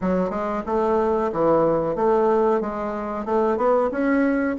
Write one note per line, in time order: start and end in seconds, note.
0.01 0.30 F#3
0.30 0.62 G#3
0.66 1.31 A3
1.32 1.95 E3
1.95 2.61 A3
2.61 3.25 G#3
3.25 3.57 A3
3.57 3.90 B3
3.91 4.56 C#4